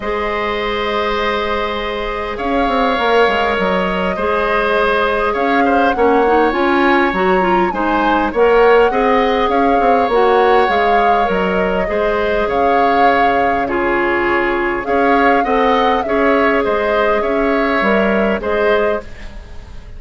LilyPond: <<
  \new Staff \with { instrumentName = "flute" } { \time 4/4 \tempo 4 = 101 dis''1 | f''2 dis''2~ | dis''4 f''4 fis''4 gis''4 | ais''4 gis''4 fis''2 |
f''4 fis''4 f''4 dis''4~ | dis''4 f''2 cis''4~ | cis''4 f''4 fis''4 e''4 | dis''4 e''2 dis''4 | }
  \new Staff \with { instrumentName = "oboe" } { \time 4/4 c''1 | cis''2. c''4~ | c''4 cis''8 c''8 cis''2~ | cis''4 c''4 cis''4 dis''4 |
cis''1 | c''4 cis''2 gis'4~ | gis'4 cis''4 dis''4 cis''4 | c''4 cis''2 c''4 | }
  \new Staff \with { instrumentName = "clarinet" } { \time 4/4 gis'1~ | gis'4 ais'2 gis'4~ | gis'2 cis'8 dis'8 f'4 | fis'8 f'8 dis'4 ais'4 gis'4~ |
gis'4 fis'4 gis'4 ais'4 | gis'2. f'4~ | f'4 gis'4 a'4 gis'4~ | gis'2 ais'4 gis'4 | }
  \new Staff \with { instrumentName = "bassoon" } { \time 4/4 gis1 | cis'8 c'8 ais8 gis8 fis4 gis4~ | gis4 cis'4 ais4 cis'4 | fis4 gis4 ais4 c'4 |
cis'8 c'8 ais4 gis4 fis4 | gis4 cis2.~ | cis4 cis'4 c'4 cis'4 | gis4 cis'4 g4 gis4 | }
>>